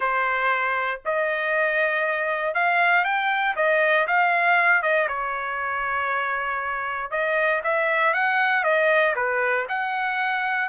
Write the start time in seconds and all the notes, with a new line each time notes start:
0.00 C5
1.05 D#5
2.54 F5
3.04 G5
3.55 D#5
4.07 F5
4.82 D#5
5.07 C#5
7.10 D#5
7.63 E5
8.13 F#5
8.63 D#5
9.15 B4
9.68 F#5